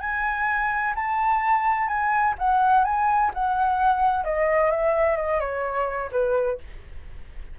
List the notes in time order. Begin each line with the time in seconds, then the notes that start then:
0.00 G#5
0.95 A5
1.87 G#5
2.38 F#5
2.84 G#5
3.34 F#5
4.24 D#5
4.71 E5
5.16 D#5
5.40 C#5
6.12 B4